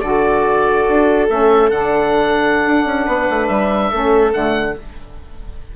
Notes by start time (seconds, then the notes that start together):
0.00 D3 F#4 A4 D5
0.88 D4
1.29 A3 C#4 E5
1.70 D3 D4 F#5
2.66 D4
2.85 C#4
3.06 B3 B4
3.30 A3
3.48 G3 E5
3.90 A3 C#4 A4
4.32 D3 A3 F#5